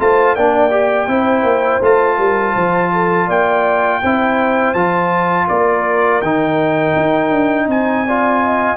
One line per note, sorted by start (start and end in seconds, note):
0.00 0.37 A3
0.00 0.37 F4
0.00 0.36 C5
0.00 0.36 A5
0.36 1.08 A#3
0.36 0.71 D4
0.36 1.09 D5
0.36 1.82 G5
0.71 1.08 G4
1.08 1.44 C4
1.08 1.82 E4
1.08 2.18 C5
1.44 1.80 A#3
1.82 2.19 A3
1.82 4.03 F4
1.82 3.30 A5
2.18 2.55 G3
2.18 2.54 A#4
2.55 3.29 F3
2.55 2.91 C5
2.93 3.27 A4
3.27 4.02 A#3
3.27 4.00 D5
3.27 4.74 G5
4.02 4.75 C4
4.02 4.76 E4
4.02 5.48 C5
4.74 5.48 F3
4.74 6.23 F4
4.74 5.47 A5
5.48 6.22 A#3
5.48 7.67 A#4
5.48 6.22 D5
6.22 6.95 D#3
6.22 8.08 D#4
6.22 7.68 G5
6.96 7.31 D#4
7.31 7.68 D4
7.67 8.77 C4
7.67 8.04 C5
7.67 8.77 G#5
8.06 8.77 F4
8.06 8.43 D5
8.43 8.77 D#5